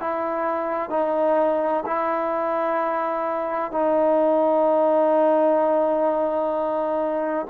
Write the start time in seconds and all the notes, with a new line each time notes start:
0.00 E4
0.90 D#4
1.86 E4
3.71 D#4